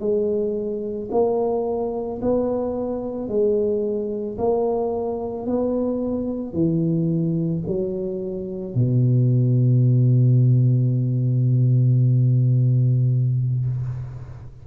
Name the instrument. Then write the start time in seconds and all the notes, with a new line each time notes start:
tuba
0.00 G#3
1.11 A#3
2.21 B3
3.28 G#3
4.38 A#3
5.46 B3
6.53 E3
7.67 F#3
8.75 B2